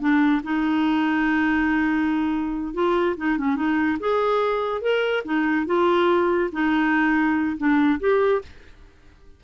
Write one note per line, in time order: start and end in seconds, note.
0.00 0.42 D4
0.44 2.74 D#4
2.74 3.16 F4
3.17 3.38 D#4
3.38 3.56 C#4
3.56 3.98 D#4
4.00 4.82 G#4
4.82 5.24 A#4
5.25 5.66 D#4
5.66 6.50 F4
6.52 7.57 D#4
7.58 8.00 D4
8.00 8.42 G4